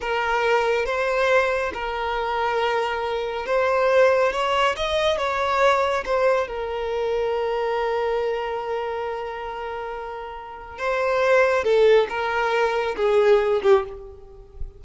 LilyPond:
\new Staff \with { instrumentName = "violin" } { \time 4/4 \tempo 4 = 139 ais'2 c''2 | ais'1 | c''2 cis''4 dis''4 | cis''2 c''4 ais'4~ |
ais'1~ | ais'1~ | ais'4 c''2 a'4 | ais'2 gis'4. g'8 | }